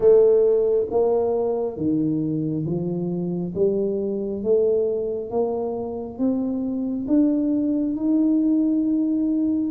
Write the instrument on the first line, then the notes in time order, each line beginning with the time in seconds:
tuba
0.00 A3
0.90 A#3
1.76 D#3
2.65 F3
3.55 G3
4.43 A3
5.30 A#3
6.18 C4
7.07 D4
7.95 D#4